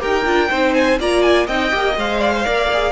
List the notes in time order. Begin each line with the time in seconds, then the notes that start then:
0.00 D#4 G4 A#4 G5
0.25 D4 F4
0.50 C4 D#4 C5
0.74 G#5
1.00 A#3 F4 D5 A#5
1.22 G#5
1.47 C4 D#4 D#5 G5
1.71 A#3 G4
1.97 G#3 C5 F5
2.20 D5
2.35 C5
2.45 A#3 A#4 D5
2.73 G#4